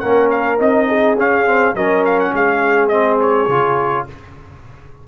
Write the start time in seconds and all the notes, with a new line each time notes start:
0.00 A#3 C#4 A#4 F#5
0.31 F5
0.58 C4 D#4 D#5
0.89 G#4
1.15 C#4 F5
1.46 C4
1.75 F#3 C#4 A#4 D#5
2.05 F5
2.20 F#5
2.33 G#3 G#4 F5
2.89 C4 D#5
3.21 C#5
3.48 C#3 F4